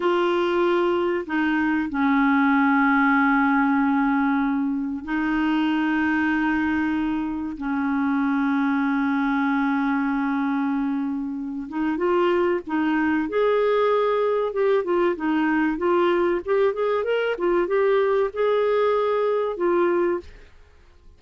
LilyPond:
\new Staff \with { instrumentName = "clarinet" } { \time 4/4 \tempo 4 = 95 f'2 dis'4 cis'4~ | cis'1 | dis'1 | cis'1~ |
cis'2~ cis'8 dis'8 f'4 | dis'4 gis'2 g'8 f'8 | dis'4 f'4 g'8 gis'8 ais'8 f'8 | g'4 gis'2 f'4 | }